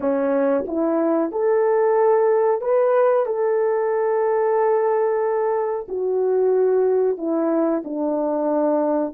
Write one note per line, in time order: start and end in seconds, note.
0.00 0.65 C#4
0.67 1.31 E4
1.31 2.61 A4
2.61 3.26 B4
3.26 5.87 A4
5.88 7.17 F#4
7.17 7.83 E4
7.84 9.13 D4